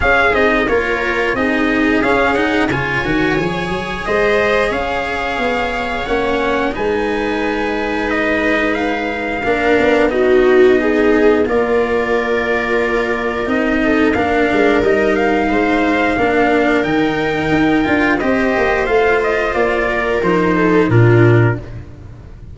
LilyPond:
<<
  \new Staff \with { instrumentName = "trumpet" } { \time 4/4 \tempo 4 = 89 f''8 dis''8 cis''4 dis''4 f''8 fis''8 | gis''2 dis''4 f''4~ | f''4 fis''4 gis''2 | dis''4 f''2 dis''4~ |
dis''4 d''2. | dis''4 f''4 dis''8 f''4.~ | f''4 g''2 dis''4 | f''8 dis''8 d''4 c''4 ais'4 | }
  \new Staff \with { instrumentName = "viola" } { \time 4/4 gis'4 ais'4 gis'2 | cis''2 c''4 cis''4~ | cis''2 b'2~ | b'2 ais'4 fis'4 |
gis'4 ais'2.~ | ais'8 a'8 ais'2 c''4 | ais'2. c''4~ | c''4. ais'4 a'8 f'4 | }
  \new Staff \with { instrumentName = "cello" } { \time 4/4 cis'8 dis'8 f'4 dis'4 cis'8 dis'8 | f'8 fis'8 gis'2.~ | gis'4 cis'4 dis'2~ | dis'2 d'4 dis'4~ |
dis'4 f'2. | dis'4 d'4 dis'2 | d'4 dis'4. f'8 g'4 | f'2 dis'4 d'4 | }
  \new Staff \with { instrumentName = "tuba" } { \time 4/4 cis'8 c'8 ais4 c'4 cis'4 | cis8 dis8 f8 fis8 gis4 cis'4 | b4 ais4 gis2~ | gis2 ais8 b4.~ |
b4 ais2. | c'4 ais8 gis8 g4 gis4 | ais4 dis4 dis'8 d'8 c'8 ais8 | a4 ais4 f4 ais,4 | }
>>